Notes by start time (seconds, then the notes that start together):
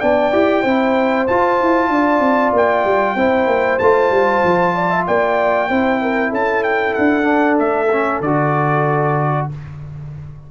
0.00 B3 D4 D5 G5
0.32 E4 G4
0.62 C4 E4 C5
1.27 F4 A5
1.61 E4
1.89 D4 D5
2.20 C4
2.53 A#3 G5
2.85 G3
3.16 C4 E4 C5
3.47 A#3
3.78 A3 F4 A5
4.10 G3
4.44 F3
4.74 D5
4.90 E5
5.07 A#3 D5 G5
5.69 C4 E4 C5
6.02 A#4
6.29 C#4 A4 A5
6.63 G5
6.94 D4 F#5
7.23 D4
7.59 A3 E5
7.92 C#4
8.21 D3 F#4 D5